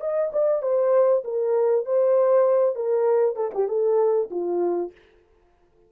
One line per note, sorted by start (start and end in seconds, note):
0.00 0.31 D#5
0.32 0.62 D5
0.62 1.23 C5
1.24 1.85 A#4
1.85 2.75 C5
2.75 3.36 A#4
3.36 3.51 A4
3.54 3.68 G4
3.68 4.29 A4
4.31 4.92 F4